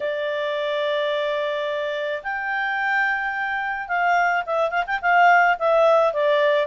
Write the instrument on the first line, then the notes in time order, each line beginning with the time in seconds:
clarinet
0.00 D5
2.23 G5
3.88 F5
4.46 E5
4.70 F5
4.86 G5
5.01 F5
5.59 E5
6.13 D5